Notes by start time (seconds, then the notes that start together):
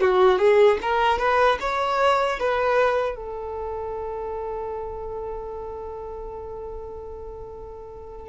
0.00 F#4
0.38 G#4
0.81 A#4
1.18 B4
1.60 C#5
2.39 B4
3.15 A4